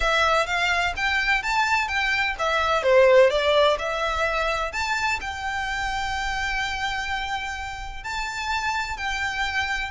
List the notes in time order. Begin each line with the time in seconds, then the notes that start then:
0.00 E5
0.46 F5
0.96 G5
1.43 A5
1.88 G5
2.38 E5
2.82 C5
3.29 D5
3.78 E5
4.72 A5
5.20 G5
8.03 A5
8.97 G5